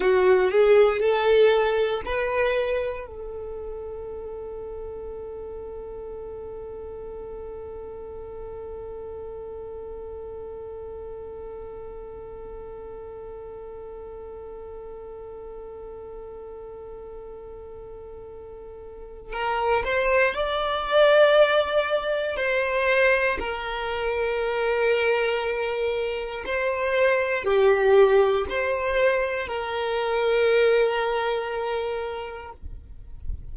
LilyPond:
\new Staff \with { instrumentName = "violin" } { \time 4/4 \tempo 4 = 59 fis'8 gis'8 a'4 b'4 a'4~ | a'1~ | a'1~ | a'1~ |
a'2. ais'8 c''8 | d''2 c''4 ais'4~ | ais'2 c''4 g'4 | c''4 ais'2. | }